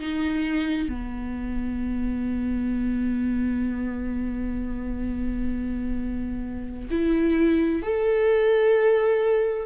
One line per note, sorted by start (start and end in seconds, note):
0.00 0.89 D#4
0.89 6.89 B3
6.91 7.83 E4
7.83 9.67 A4